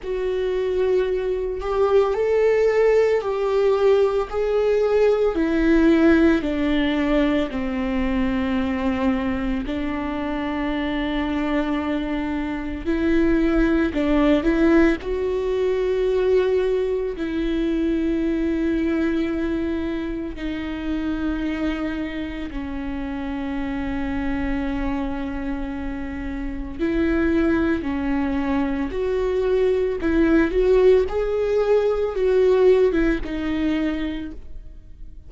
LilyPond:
\new Staff \with { instrumentName = "viola" } { \time 4/4 \tempo 4 = 56 fis'4. g'8 a'4 g'4 | gis'4 e'4 d'4 c'4~ | c'4 d'2. | e'4 d'8 e'8 fis'2 |
e'2. dis'4~ | dis'4 cis'2.~ | cis'4 e'4 cis'4 fis'4 | e'8 fis'8 gis'4 fis'8. e'16 dis'4 | }